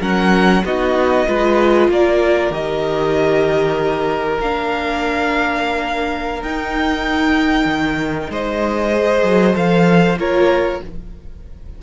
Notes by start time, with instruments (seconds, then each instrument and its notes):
0.00 cello F#3, viola C#4, violin A#4 F#5
0.64 cello B3, viola D#4, violin F#4 D#5
1.27 cello G#3, viola F4, violin B4
1.89 cello A#3, violin A#4 D5
2.50 cello D#3, viola G4, violin D#5
4.40 cello A#3, viola D4, violin F5
6.42 cello D#4, viola D#4, violin G5
7.65 cello D#3
8.29 cello G#3, violin C5 D#5
8.93 viola G#4
9.23 cello F#3
9.54 cello F3, viola A4, violin F5
10.17 cello A#3, viola F4, violin A#4 C#5